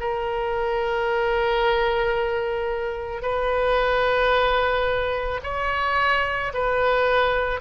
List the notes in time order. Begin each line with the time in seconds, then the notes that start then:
0.00 A#4
3.22 B4
5.43 C#5
6.54 B4